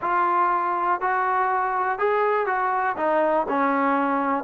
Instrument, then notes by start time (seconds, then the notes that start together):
trombone
0.01 F4
1.01 F#4
1.98 G#4
2.46 F#4
2.96 D#4
3.48 C#4